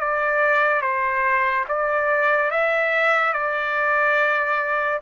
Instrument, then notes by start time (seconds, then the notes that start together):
trumpet
0.00 D5
0.81 C5
1.69 D5
2.51 E5
3.33 D5